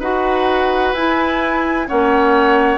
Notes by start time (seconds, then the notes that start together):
0.00 D#4 F#4 B4 F#5
0.93 E4 G#5
1.87 A#3 C#4 C#5 F#5